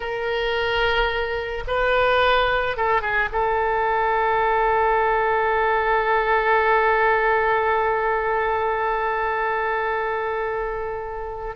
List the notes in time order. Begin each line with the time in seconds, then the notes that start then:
0.00 A#4
1.67 B4
2.76 A4
3.01 G#4
3.32 A4